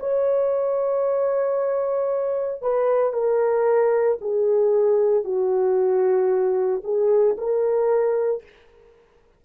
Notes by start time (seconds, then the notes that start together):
0.00 C#5
2.62 B4
3.13 A#4
4.21 G#4
5.24 F#4
6.84 G#4
7.38 A#4